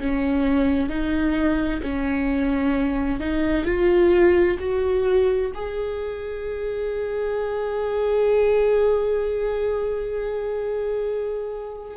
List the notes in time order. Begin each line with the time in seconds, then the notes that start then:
0.00 C#4
0.89 D#4
1.83 C#4
3.21 D#4
3.65 F4
4.60 F#4
5.55 G#4